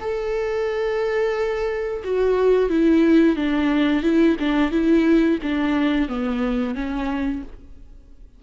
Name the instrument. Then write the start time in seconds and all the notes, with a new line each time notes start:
viola
0.00 A4
2.03 F#4
2.69 E4
3.36 D4
4.02 E4
4.39 D4
4.71 E4
5.42 D4
6.08 B3
6.74 C#4